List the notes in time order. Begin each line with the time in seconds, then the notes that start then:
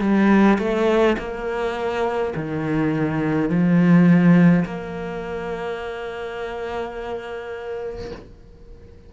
0.00 G3
0.58 A3
1.18 A#3
2.35 D#3
3.49 F3
4.65 A#3